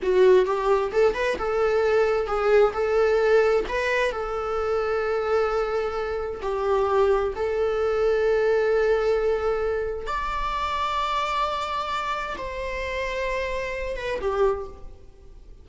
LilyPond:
\new Staff \with { instrumentName = "viola" } { \time 4/4 \tempo 4 = 131 fis'4 g'4 a'8 b'8 a'4~ | a'4 gis'4 a'2 | b'4 a'2.~ | a'2 g'2 |
a'1~ | a'2 d''2~ | d''2. c''4~ | c''2~ c''8 b'8 g'4 | }